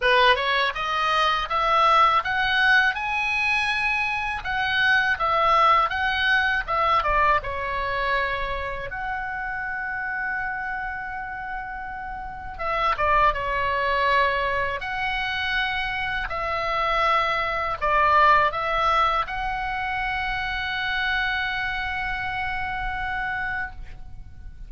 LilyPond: \new Staff \with { instrumentName = "oboe" } { \time 4/4 \tempo 4 = 81 b'8 cis''8 dis''4 e''4 fis''4 | gis''2 fis''4 e''4 | fis''4 e''8 d''8 cis''2 | fis''1~ |
fis''4 e''8 d''8 cis''2 | fis''2 e''2 | d''4 e''4 fis''2~ | fis''1 | }